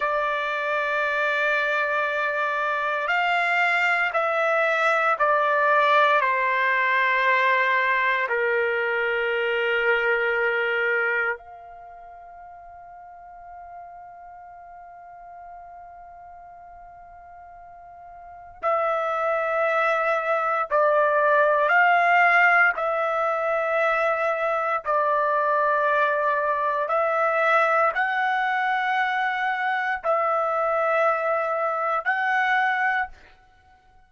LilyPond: \new Staff \with { instrumentName = "trumpet" } { \time 4/4 \tempo 4 = 58 d''2. f''4 | e''4 d''4 c''2 | ais'2. f''4~ | f''1~ |
f''2 e''2 | d''4 f''4 e''2 | d''2 e''4 fis''4~ | fis''4 e''2 fis''4 | }